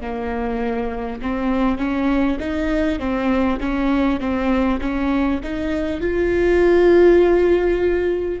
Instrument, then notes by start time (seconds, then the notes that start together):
viola
0.00 A#3
1.21 C4
1.77 C#4
2.39 D#4
2.99 C4
3.59 C#4
4.20 C4
4.80 C#4
5.43 D#4
6.00 F4